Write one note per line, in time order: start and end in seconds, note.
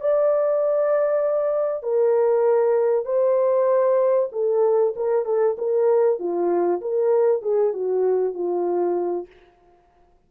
0.00 1.82 D5
1.82 3.05 A#4
3.05 4.29 C5
4.32 4.94 A4
4.96 5.25 A#4
5.25 5.56 A4
5.58 6.19 A#4
6.19 6.81 F4
6.81 7.42 A#4
7.42 7.73 G#4
7.73 8.34 F#4
8.34 9.27 F4